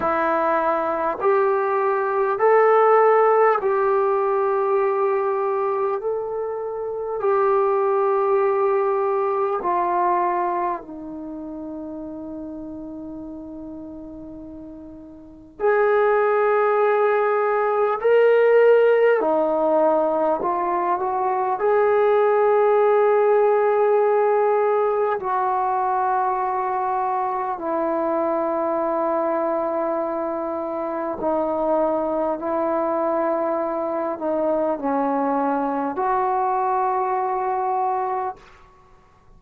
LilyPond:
\new Staff \with { instrumentName = "trombone" } { \time 4/4 \tempo 4 = 50 e'4 g'4 a'4 g'4~ | g'4 a'4 g'2 | f'4 dis'2.~ | dis'4 gis'2 ais'4 |
dis'4 f'8 fis'8 gis'2~ | gis'4 fis'2 e'4~ | e'2 dis'4 e'4~ | e'8 dis'8 cis'4 fis'2 | }